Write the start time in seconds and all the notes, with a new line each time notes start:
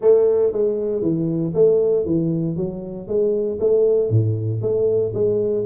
0.01 A3
0.52 G#3
1.01 E3
1.54 A3
2.05 E3
2.56 F#3
3.07 G#3
3.59 A3
4.10 A2
4.61 A3
5.14 G#3